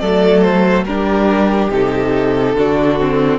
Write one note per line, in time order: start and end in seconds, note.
0.00 0.84 F#3
0.00 0.87 A3
0.00 0.85 A4
0.00 0.42 D5
0.42 0.84 C5
0.84 1.69 G3
0.84 1.71 D4
0.84 2.57 G4
0.84 1.69 A#4
1.70 2.54 C3
1.70 2.55 D#4
1.70 3.39 A4
2.54 3.39 D3
2.54 2.99 D4
2.54 3.39 F#4
2.99 3.39 C4